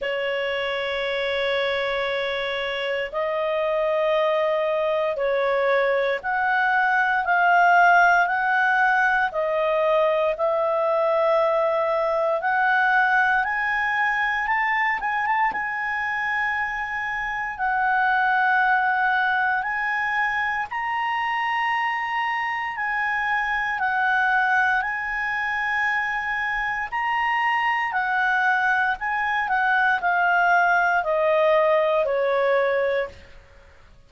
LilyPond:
\new Staff \with { instrumentName = "clarinet" } { \time 4/4 \tempo 4 = 58 cis''2. dis''4~ | dis''4 cis''4 fis''4 f''4 | fis''4 dis''4 e''2 | fis''4 gis''4 a''8 gis''16 a''16 gis''4~ |
gis''4 fis''2 gis''4 | ais''2 gis''4 fis''4 | gis''2 ais''4 fis''4 | gis''8 fis''8 f''4 dis''4 cis''4 | }